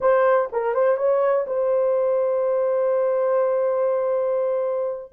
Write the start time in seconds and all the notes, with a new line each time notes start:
0.00 C5
0.52 A#4
0.74 C5
0.97 C#5
1.46 C5